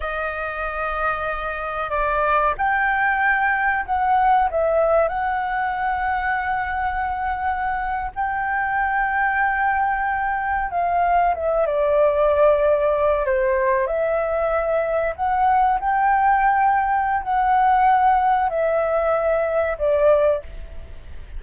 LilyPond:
\new Staff \with { instrumentName = "flute" } { \time 4/4 \tempo 4 = 94 dis''2. d''4 | g''2 fis''4 e''4 | fis''1~ | fis''8. g''2.~ g''16~ |
g''8. f''4 e''8 d''4.~ d''16~ | d''8. c''4 e''2 fis''16~ | fis''8. g''2~ g''16 fis''4~ | fis''4 e''2 d''4 | }